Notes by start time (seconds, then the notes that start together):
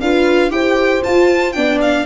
0.00 D4 F4 B4 F5
0.50 E4 G4 C5 G5
1.03 F4 A5
1.52 B3 D4 D5 G5
1.81 F5